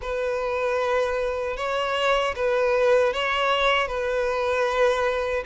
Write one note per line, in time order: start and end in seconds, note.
0.01 1.56 B4
1.56 2.34 C#5
2.35 3.13 B4
3.13 3.87 C#5
3.87 5.43 B4